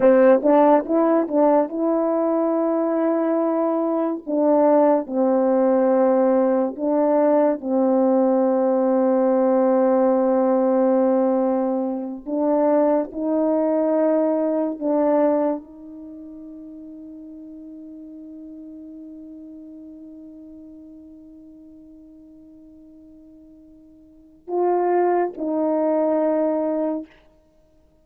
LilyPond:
\new Staff \with { instrumentName = "horn" } { \time 4/4 \tempo 4 = 71 c'8 d'8 e'8 d'8 e'2~ | e'4 d'4 c'2 | d'4 c'2.~ | c'2~ c'8 d'4 dis'8~ |
dis'4. d'4 dis'4.~ | dis'1~ | dis'1~ | dis'4 f'4 dis'2 | }